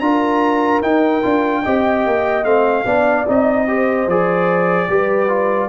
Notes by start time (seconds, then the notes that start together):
0.00 D4 F4 A#4 A#5
0.82 D#4 G5
1.23 D4 F4
1.63 C4 G4 D#5
2.06 A#3
2.44 A3 C4 F5
2.85 B3 D4 D5
3.28 C4 D#4 D#5
3.68 G4 C5
4.07 F3 G#4 D5
4.89 G3 G4 B4
5.29 F4